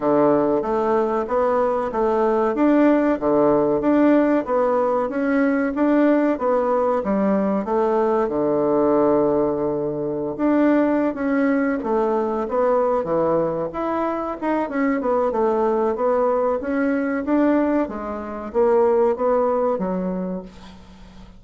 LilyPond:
\new Staff \with { instrumentName = "bassoon" } { \time 4/4 \tempo 4 = 94 d4 a4 b4 a4 | d'4 d4 d'4 b4 | cis'4 d'4 b4 g4 | a4 d2.~ |
d16 d'4~ d'16 cis'4 a4 b8~ | b8 e4 e'4 dis'8 cis'8 b8 | a4 b4 cis'4 d'4 | gis4 ais4 b4 fis4 | }